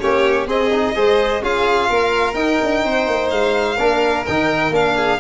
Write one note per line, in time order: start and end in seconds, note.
0.00 0.47 A#3
0.00 0.47 C#4
0.00 0.48 G4
0.00 0.47 C#5
0.47 0.94 C4
0.47 0.70 C4
0.47 0.95 G#4
0.47 1.44 D#5
0.72 0.95 D#4
0.95 1.42 G#3
0.95 1.42 G#4
0.95 1.42 C5
1.42 1.89 C#4
1.42 2.35 F4
1.42 1.90 G#4
1.42 2.34 F5
1.90 2.35 A#3
1.90 2.84 A#4
2.34 2.58 D#4
2.34 3.77 D#4
2.34 3.29 G5
2.62 2.85 D4
2.85 3.07 C4
2.85 3.77 C5
3.07 3.31 A#3
3.30 3.78 G#3
3.30 4.25 F5
3.77 4.27 A#3
3.77 4.25 D4
3.77 4.95 A#4
4.26 4.70 D#3
4.26 4.73 D#4
4.26 4.74 G5
4.70 5.17 A#3
4.70 5.20 D4
4.70 5.20 F5
4.96 5.20 G#4